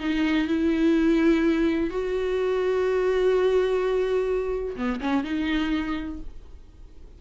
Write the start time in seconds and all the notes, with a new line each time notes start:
0.00 D#4
0.48 E4
1.90 F#4
4.77 B3
5.01 C#4
5.24 D#4